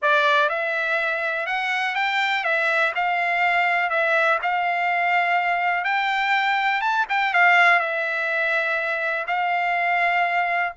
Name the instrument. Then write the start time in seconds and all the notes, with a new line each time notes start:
trumpet
0.02 D5
0.49 E5
1.46 F#5
1.95 G5
2.43 E5
2.95 F5
3.90 E5
4.42 F5
5.84 G5
6.81 A5
7.09 G5
7.33 F5
7.79 E5
9.27 F5